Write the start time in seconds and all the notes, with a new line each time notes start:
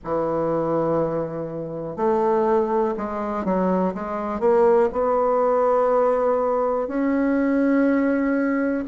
0.04 E3
1.96 A3
2.97 G#3
3.44 F#3
3.94 G#3
4.39 A#3
4.92 B3
6.87 C#4